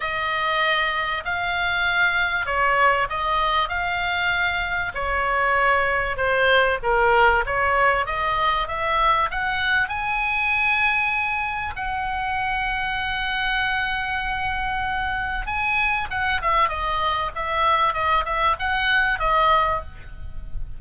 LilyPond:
\new Staff \with { instrumentName = "oboe" } { \time 4/4 \tempo 4 = 97 dis''2 f''2 | cis''4 dis''4 f''2 | cis''2 c''4 ais'4 | cis''4 dis''4 e''4 fis''4 |
gis''2. fis''4~ | fis''1~ | fis''4 gis''4 fis''8 e''8 dis''4 | e''4 dis''8 e''8 fis''4 dis''4 | }